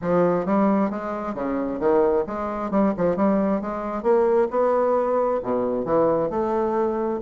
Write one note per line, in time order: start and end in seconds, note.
0.01 0.45 F3
0.45 0.90 G3
0.90 1.34 G#3
1.34 1.79 C#3
1.79 2.24 D#3
2.26 2.70 G#3
2.70 2.93 G3
2.97 3.16 F3
3.16 3.61 G3
3.61 4.03 G#3
4.03 4.48 A#3
4.50 5.40 B3
5.43 5.85 B2
5.85 6.30 E3
6.30 7.20 A3